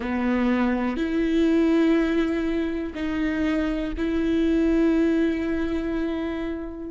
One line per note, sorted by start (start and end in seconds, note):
0.00 0.96 B3
0.96 2.93 E4
2.95 3.93 D#4
3.97 6.90 E4